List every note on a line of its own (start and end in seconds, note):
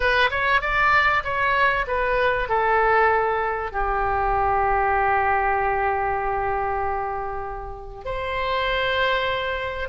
0.00 0.30 B4
0.30 0.61 C#5
0.61 1.23 D5
1.24 1.86 C#5
1.87 2.48 B4
2.48 3.72 A4
3.72 8.04 G4
8.04 9.88 C5